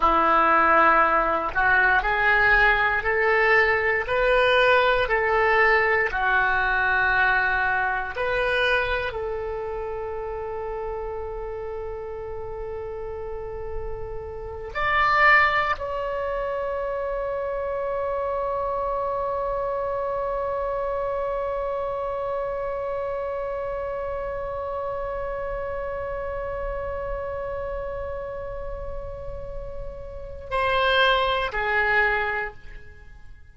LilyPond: \new Staff \with { instrumentName = "oboe" } { \time 4/4 \tempo 4 = 59 e'4. fis'8 gis'4 a'4 | b'4 a'4 fis'2 | b'4 a'2.~ | a'2~ a'8 d''4 cis''8~ |
cis''1~ | cis''1~ | cis''1~ | cis''2 c''4 gis'4 | }